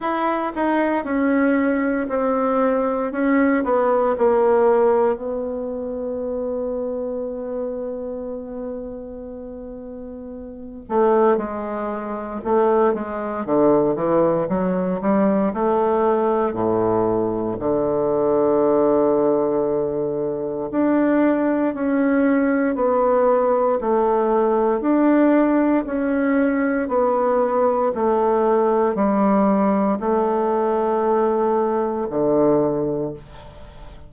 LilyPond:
\new Staff \with { instrumentName = "bassoon" } { \time 4/4 \tempo 4 = 58 e'8 dis'8 cis'4 c'4 cis'8 b8 | ais4 b2.~ | b2~ b8 a8 gis4 | a8 gis8 d8 e8 fis8 g8 a4 |
a,4 d2. | d'4 cis'4 b4 a4 | d'4 cis'4 b4 a4 | g4 a2 d4 | }